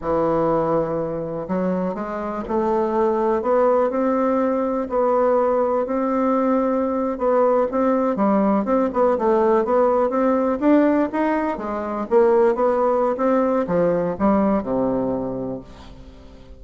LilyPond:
\new Staff \with { instrumentName = "bassoon" } { \time 4/4 \tempo 4 = 123 e2. fis4 | gis4 a2 b4 | c'2 b2 | c'2~ c'8. b4 c'16~ |
c'8. g4 c'8 b8 a4 b16~ | b8. c'4 d'4 dis'4 gis16~ | gis8. ais4 b4~ b16 c'4 | f4 g4 c2 | }